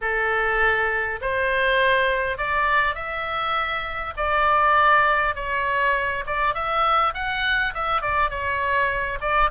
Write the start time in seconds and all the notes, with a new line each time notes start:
0.01 A4
1.21 C5
2.37 D5
2.95 E5
4.16 D5
5.35 C#5
6.26 D5
6.54 E5
7.14 F#5
7.74 E5
8.01 D5
8.30 C#5
9.21 D5